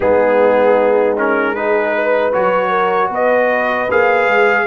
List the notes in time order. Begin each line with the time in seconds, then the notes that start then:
0.00 G#3 B3 D#4 G#4
1.17 C#4 A#4
1.55 D#4 G#4 B4
1.94 B4
2.32 F#3 F#4 C#5
2.69 A#4
3.09 B3 B4 D#5
3.90 A#3 G#4 F5
4.26 G#3